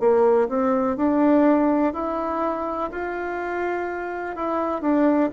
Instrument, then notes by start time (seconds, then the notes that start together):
bassoon
0.00 A#3
0.49 C4
0.97 D4
1.94 E4
2.91 F4
4.36 E4
4.82 D4